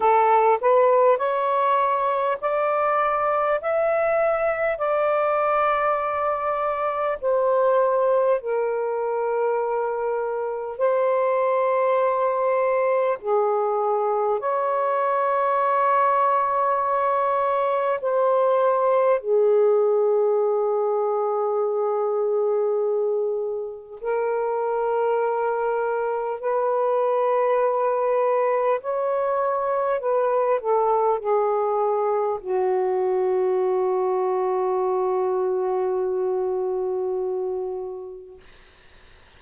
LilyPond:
\new Staff \with { instrumentName = "saxophone" } { \time 4/4 \tempo 4 = 50 a'8 b'8 cis''4 d''4 e''4 | d''2 c''4 ais'4~ | ais'4 c''2 gis'4 | cis''2. c''4 |
gis'1 | ais'2 b'2 | cis''4 b'8 a'8 gis'4 fis'4~ | fis'1 | }